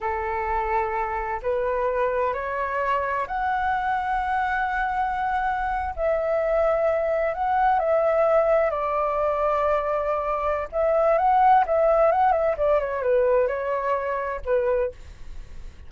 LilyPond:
\new Staff \with { instrumentName = "flute" } { \time 4/4 \tempo 4 = 129 a'2. b'4~ | b'4 cis''2 fis''4~ | fis''1~ | fis''8. e''2. fis''16~ |
fis''8. e''2 d''4~ d''16~ | d''2. e''4 | fis''4 e''4 fis''8 e''8 d''8 cis''8 | b'4 cis''2 b'4 | }